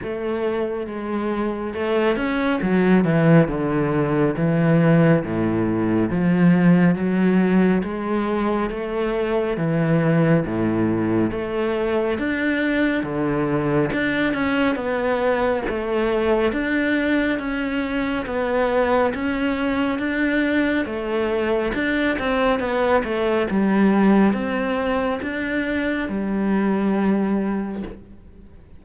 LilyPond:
\new Staff \with { instrumentName = "cello" } { \time 4/4 \tempo 4 = 69 a4 gis4 a8 cis'8 fis8 e8 | d4 e4 a,4 f4 | fis4 gis4 a4 e4 | a,4 a4 d'4 d4 |
d'8 cis'8 b4 a4 d'4 | cis'4 b4 cis'4 d'4 | a4 d'8 c'8 b8 a8 g4 | c'4 d'4 g2 | }